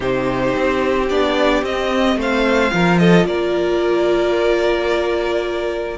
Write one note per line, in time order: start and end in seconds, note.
0.00 0.54 C3
0.00 1.07 D#4
0.00 2.18 G4
0.00 1.09 C5
0.56 1.09 C4
1.09 1.62 B3
1.09 1.64 D4
1.09 1.63 D5
1.62 2.16 C4
1.62 2.71 C4
1.62 2.19 D#5
2.16 2.70 A3
2.16 2.73 C5
2.16 2.98 F5
2.71 3.25 F3
2.71 5.98 F4
2.71 3.00 A#4
2.98 3.27 A4
2.98 3.25 D#5
3.25 5.98 A#3
3.25 5.98 A#4
3.25 5.98 D5